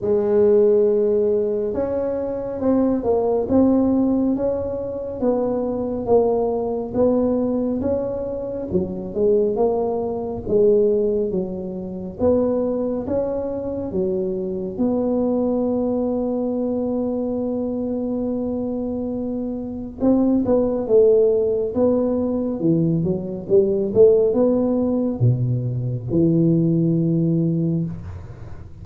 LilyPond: \new Staff \with { instrumentName = "tuba" } { \time 4/4 \tempo 4 = 69 gis2 cis'4 c'8 ais8 | c'4 cis'4 b4 ais4 | b4 cis'4 fis8 gis8 ais4 | gis4 fis4 b4 cis'4 |
fis4 b2.~ | b2. c'8 b8 | a4 b4 e8 fis8 g8 a8 | b4 b,4 e2 | }